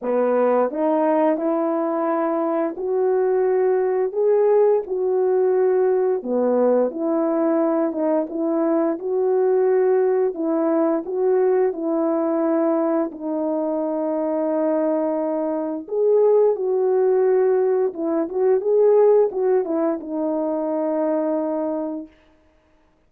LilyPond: \new Staff \with { instrumentName = "horn" } { \time 4/4 \tempo 4 = 87 b4 dis'4 e'2 | fis'2 gis'4 fis'4~ | fis'4 b4 e'4. dis'8 | e'4 fis'2 e'4 |
fis'4 e'2 dis'4~ | dis'2. gis'4 | fis'2 e'8 fis'8 gis'4 | fis'8 e'8 dis'2. | }